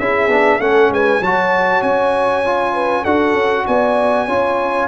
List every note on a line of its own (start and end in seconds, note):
0.00 0.28 C#4
0.00 0.30 E4
0.00 0.60 G#4
0.00 0.61 E5
0.28 0.59 B3
0.28 0.60 D4
0.60 0.90 A3
0.60 1.22 C#4
0.60 0.91 A4
0.60 0.92 F#5
0.90 1.20 G#3
0.90 1.21 B4
0.90 1.23 G#5
1.21 1.82 F#3
1.21 2.45 F#4
1.21 2.74 C#5
1.21 1.83 A5
1.82 3.05 C#4
1.82 3.05 G#5
2.45 3.06 F4
2.74 3.02 B4
3.02 3.34 D4
3.02 4.29 F#4
3.02 3.64 A4
3.02 3.66 F#5
3.34 3.65 C#4
3.67 4.28 B3
3.67 4.26 D5
3.67 4.88 G#5
4.26 4.88 C#4
4.26 4.88 F4
4.26 4.87 C#5